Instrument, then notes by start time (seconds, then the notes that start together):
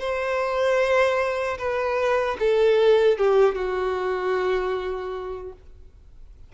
violin
0.00 C5
1.58 B4
2.39 A4
3.18 G4
3.55 F#4